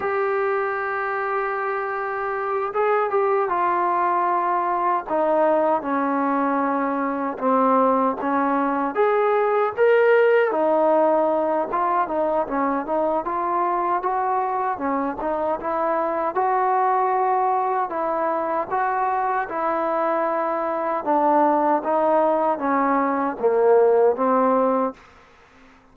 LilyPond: \new Staff \with { instrumentName = "trombone" } { \time 4/4 \tempo 4 = 77 g'2.~ g'8 gis'8 | g'8 f'2 dis'4 cis'8~ | cis'4. c'4 cis'4 gis'8~ | gis'8 ais'4 dis'4. f'8 dis'8 |
cis'8 dis'8 f'4 fis'4 cis'8 dis'8 | e'4 fis'2 e'4 | fis'4 e'2 d'4 | dis'4 cis'4 ais4 c'4 | }